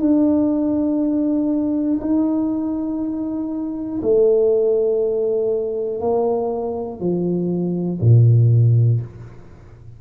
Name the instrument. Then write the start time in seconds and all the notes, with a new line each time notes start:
tuba
0.00 D4
2.00 D#4
4.02 A3
6.00 A#3
7.00 F3
8.00 A#2